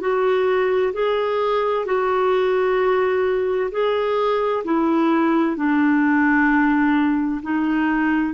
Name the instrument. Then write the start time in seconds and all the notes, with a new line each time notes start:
clarinet
0.00 F#4
0.93 G#4
1.85 F#4
3.71 G#4
4.64 E4
5.56 D4
7.42 D#4